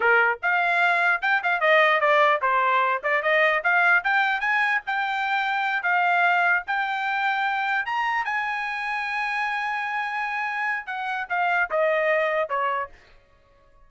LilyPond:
\new Staff \with { instrumentName = "trumpet" } { \time 4/4 \tempo 4 = 149 ais'4 f''2 g''8 f''8 | dis''4 d''4 c''4. d''8 | dis''4 f''4 g''4 gis''4 | g''2~ g''8 f''4.~ |
f''8 g''2. ais''8~ | ais''8 gis''2.~ gis''8~ | gis''2. fis''4 | f''4 dis''2 cis''4 | }